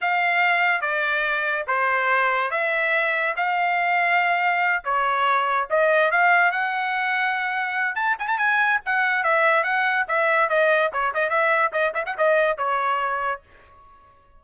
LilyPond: \new Staff \with { instrumentName = "trumpet" } { \time 4/4 \tempo 4 = 143 f''2 d''2 | c''2 e''2 | f''2.~ f''8 cis''8~ | cis''4. dis''4 f''4 fis''8~ |
fis''2. a''8 gis''16 a''16 | gis''4 fis''4 e''4 fis''4 | e''4 dis''4 cis''8 dis''8 e''4 | dis''8 e''16 fis''16 dis''4 cis''2 | }